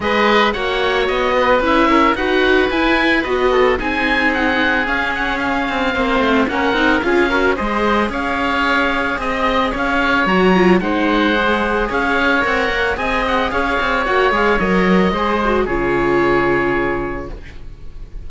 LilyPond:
<<
  \new Staff \with { instrumentName = "oboe" } { \time 4/4 \tempo 4 = 111 dis''4 fis''4 dis''4 e''4 | fis''4 gis''4 dis''4 gis''4 | fis''4 f''8 fis''8 f''2 | fis''4 f''4 dis''4 f''4~ |
f''4 dis''4 f''4 ais''4 | fis''2 f''4 fis''4 | gis''8 fis''8 f''4 fis''8 f''8 dis''4~ | dis''4 cis''2. | }
  \new Staff \with { instrumentName = "oboe" } { \time 4/4 b'4 cis''4. b'4 ais'8 | b'2~ b'8 a'8 gis'4~ | gis'2. c''4 | ais'4 gis'8 ais'8 c''4 cis''4~ |
cis''4 dis''4 cis''2 | c''2 cis''2 | dis''4 cis''2. | c''4 gis'2. | }
  \new Staff \with { instrumentName = "viola" } { \time 4/4 gis'4 fis'2 e'4 | fis'4 e'4 fis'4 dis'4~ | dis'4 cis'2 c'4 | cis'8 dis'8 f'8 fis'8 gis'2~ |
gis'2. fis'8 f'8 | dis'4 gis'2 ais'4 | gis'2 fis'8 gis'8 ais'4 | gis'8 fis'8 f'2. | }
  \new Staff \with { instrumentName = "cello" } { \time 4/4 gis4 ais4 b4 cis'4 | dis'4 e'4 b4 c'4~ | c'4 cis'4. c'8 ais8 a8 | ais8 c'8 cis'4 gis4 cis'4~ |
cis'4 c'4 cis'4 fis4 | gis2 cis'4 c'8 ais8 | c'4 cis'8 c'8 ais8 gis8 fis4 | gis4 cis2. | }
>>